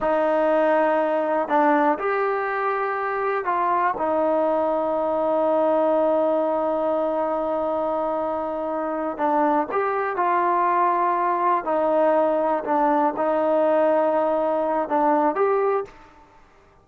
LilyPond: \new Staff \with { instrumentName = "trombone" } { \time 4/4 \tempo 4 = 121 dis'2. d'4 | g'2. f'4 | dis'1~ | dis'1~ |
dis'2~ dis'8 d'4 g'8~ | g'8 f'2. dis'8~ | dis'4. d'4 dis'4.~ | dis'2 d'4 g'4 | }